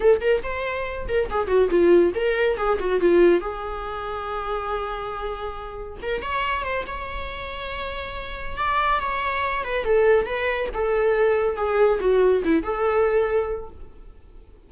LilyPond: \new Staff \with { instrumentName = "viola" } { \time 4/4 \tempo 4 = 140 a'8 ais'8 c''4. ais'8 gis'8 fis'8 | f'4 ais'4 gis'8 fis'8 f'4 | gis'1~ | gis'2 ais'8 cis''4 c''8 |
cis''1 | d''4 cis''4. b'8 a'4 | b'4 a'2 gis'4 | fis'4 e'8 a'2~ a'8 | }